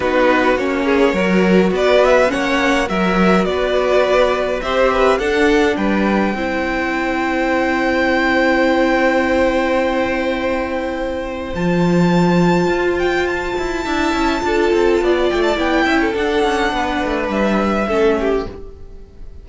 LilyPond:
<<
  \new Staff \with { instrumentName = "violin" } { \time 4/4 \tempo 4 = 104 b'4 cis''2 d''8 e''8 | fis''4 e''4 d''2 | e''4 fis''4 g''2~ | g''1~ |
g''1 | a''2~ a''8 g''8 a''4~ | a''2~ a''8 g''16 a''16 g''4 | fis''2 e''2 | }
  \new Staff \with { instrumentName = "violin" } { \time 4/4 fis'4. gis'8 ais'4 b'4 | cis''4 ais'4 b'2 | c''8 b'8 a'4 b'4 c''4~ | c''1~ |
c''1~ | c''1 | e''4 a'4 d''4. e''16 a'16~ | a'4 b'2 a'8 g'8 | }
  \new Staff \with { instrumentName = "viola" } { \time 4/4 dis'4 cis'4 fis'2 | cis'4 fis'2. | g'4 d'2 e'4~ | e'1~ |
e'1 | f'1 | e'4 f'2 e'4 | d'2. cis'4 | }
  \new Staff \with { instrumentName = "cello" } { \time 4/4 b4 ais4 fis4 b4 | ais4 fis4 b2 | c'4 d'4 g4 c'4~ | c'1~ |
c'1 | f2 f'4. e'8 | d'8 cis'8 d'8 c'8 b8 a8 b8 cis'8 | d'8 cis'8 b8 a8 g4 a4 | }
>>